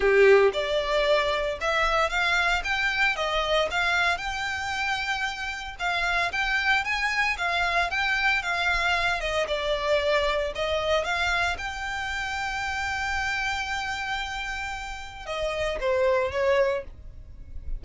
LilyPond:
\new Staff \with { instrumentName = "violin" } { \time 4/4 \tempo 4 = 114 g'4 d''2 e''4 | f''4 g''4 dis''4 f''4 | g''2. f''4 | g''4 gis''4 f''4 g''4 |
f''4. dis''8 d''2 | dis''4 f''4 g''2~ | g''1~ | g''4 dis''4 c''4 cis''4 | }